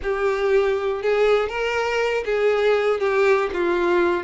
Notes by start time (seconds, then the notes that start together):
0.02 G4
1.02 G#4
1.48 A#4
2.25 G#4
3.00 G4
3.53 F4